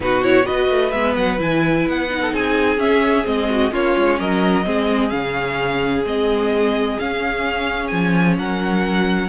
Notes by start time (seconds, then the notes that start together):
0.00 B2 D#4 F#4 B4
0.23 E4 C#5
0.44 B3 F#4 B4 D#5
0.69 A3
0.91 G#3 B3 E5
1.16 F#3 F#5
1.38 E3 E4 G#5
1.87 B3 F#5
2.09 D#4
2.21 A4
2.32 C4 G#4 G#5
2.77 C#4 E5
3.24 G#3 C4 D#5
3.49 F#4
3.70 A#3 C#4 F4 C#5
3.97 G#3
4.19 F#3 A#4 D#5
4.64 G#3 C4 G#4
5.09 C#3 C#4 F5
6.04 G#3 C4 D#5
6.98 C#4 F5
7.87 F3 G#5
8.37 F#3 A#4 F#5